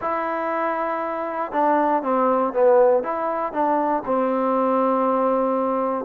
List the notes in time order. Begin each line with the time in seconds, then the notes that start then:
0.01 E4
1.52 D4
2.03 C4
2.53 B3
3.03 E4
3.52 D4
4.05 C4